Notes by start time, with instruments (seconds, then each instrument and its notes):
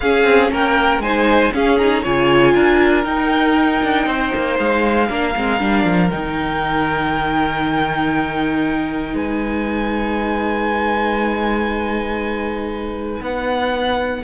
0.00 cello C#4, viola C#4, violin G#4 F5
0.24 cello C4
0.51 cello A#3, violin A#4 G5
0.98 cello G#3, viola D#4, violin C5 G#5
1.52 viola C#4, cello C#4, violin G#4 F5
1.78 viola D#4, violin A#5
2.02 cello C#3, viola F4, violin C#5 G#5
2.53 cello D4, violin A#4
3.03 viola D#4, cello D#4, violin G5
3.83 cello D4
4.06 cello C4, violin C5
4.35 cello A#3
4.58 cello G#3, violin F5
5.09 cello A#3, viola D4, violin A#4
5.35 cello G#3, viola C4
5.59 cello G3, viola D4
5.84 cello F3
6.10 cello D#3, viola D#4, violin G5
9.13 cello G#3, violin B4 G#5
13.20 cello B3, violin F#5